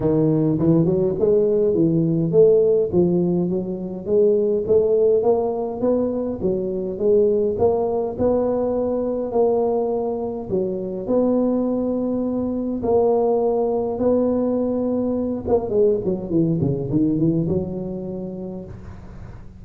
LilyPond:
\new Staff \with { instrumentName = "tuba" } { \time 4/4 \tempo 4 = 103 dis4 e8 fis8 gis4 e4 | a4 f4 fis4 gis4 | a4 ais4 b4 fis4 | gis4 ais4 b2 |
ais2 fis4 b4~ | b2 ais2 | b2~ b8 ais8 gis8 fis8 | e8 cis8 dis8 e8 fis2 | }